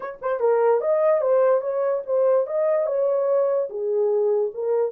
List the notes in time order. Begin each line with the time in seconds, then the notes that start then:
0.00 C#5
0.21 C5
0.40 A#4
0.80 D#5
1.21 C5
1.61 C#5
2.05 C5
2.47 D#5
2.86 C#5
3.69 G#4
4.54 A#4